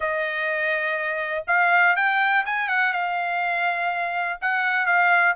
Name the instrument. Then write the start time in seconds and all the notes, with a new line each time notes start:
trumpet
0.00 D#5
1.47 F5
1.96 G5
2.45 G#5
2.68 F#5
2.92 F5
4.41 F#5
4.85 F5